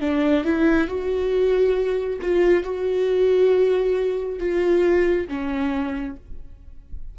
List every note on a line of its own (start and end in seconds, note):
0.00 0.44 D4
0.44 0.87 E4
0.87 2.19 F#4
2.21 2.64 F4
2.64 4.39 F#4
4.39 5.27 F4
5.27 6.16 C#4